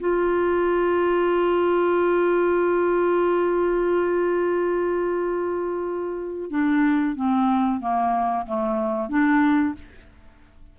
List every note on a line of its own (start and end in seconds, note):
0.00 6.51 F4
6.51 7.16 D4
7.16 7.80 C4
7.80 8.45 A#3
8.46 9.09 A3
9.09 9.74 D4